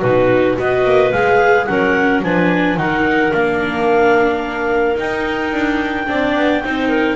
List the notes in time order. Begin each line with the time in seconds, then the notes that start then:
0.00 B2 D#4 F#4 B4
0.56 B3 F#4 B4 D#5
0.84 A#3
1.12 G#3 G#4 F5
1.65 F#3 C#4 A#4 F#5
2.22 F3 D4 B4 G#5
2.77 D#3 D#4 A#4 F#5
3.31 A#3 D4 F5
4.95 D#4 G5
5.52 D4
6.07 C4 D4 D5
6.36 B3
6.64 C4 D#4 C5
6.88 A#4